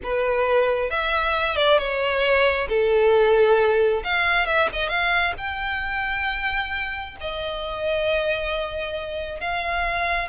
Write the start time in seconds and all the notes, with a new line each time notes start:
0.03 B4
0.90 E5
1.55 D5
1.78 C#5
2.68 A4
4.03 F5
4.46 E5
4.72 D#5
4.88 F5
5.37 G5
7.20 D#5
9.40 F5